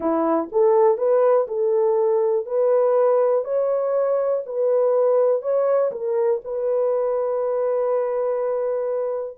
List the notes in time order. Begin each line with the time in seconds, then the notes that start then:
0.00 E4
0.51 A4
0.97 B4
1.47 A4
2.45 B4
3.44 C#5
4.46 B4
5.41 C#5
5.91 A#4
6.44 B4